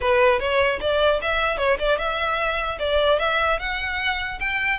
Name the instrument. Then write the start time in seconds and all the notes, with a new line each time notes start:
violin
0.00 B4
0.39 C#5
0.80 D5
1.21 E5
1.57 C#5
1.79 D5
1.98 E5
2.79 D5
3.19 E5
3.59 F#5
4.40 G5